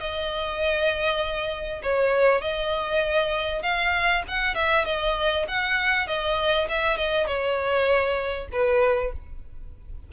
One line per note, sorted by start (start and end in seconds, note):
0.00 1.82 D#5
1.83 2.41 C#5
2.41 3.63 D#5
3.63 4.23 F5
4.28 4.55 F#5
4.55 4.85 E5
4.85 5.46 D#5
5.48 6.07 F#5
6.07 6.68 D#5
6.69 6.97 E5
6.97 7.27 D#5
7.27 8.48 C#5
8.52 9.13 B4